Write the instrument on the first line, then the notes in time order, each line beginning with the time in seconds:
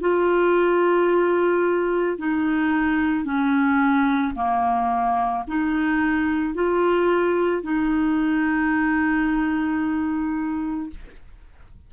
clarinet
0.00 F4
2.18 D#4
3.24 C#4
4.34 A#3
5.47 D#4
6.54 F4
7.62 D#4